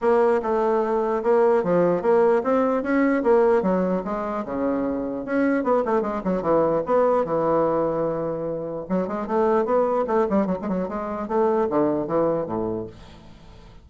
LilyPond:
\new Staff \with { instrumentName = "bassoon" } { \time 4/4 \tempo 4 = 149 ais4 a2 ais4 | f4 ais4 c'4 cis'4 | ais4 fis4 gis4 cis4~ | cis4 cis'4 b8 a8 gis8 fis8 |
e4 b4 e2~ | e2 fis8 gis8 a4 | b4 a8 g8 fis16 gis16 fis8 gis4 | a4 d4 e4 a,4 | }